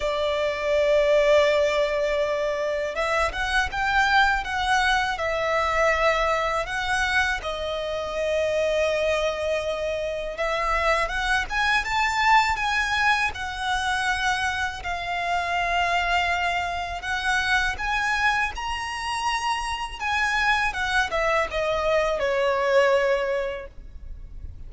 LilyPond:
\new Staff \with { instrumentName = "violin" } { \time 4/4 \tempo 4 = 81 d''1 | e''8 fis''8 g''4 fis''4 e''4~ | e''4 fis''4 dis''2~ | dis''2 e''4 fis''8 gis''8 |
a''4 gis''4 fis''2 | f''2. fis''4 | gis''4 ais''2 gis''4 | fis''8 e''8 dis''4 cis''2 | }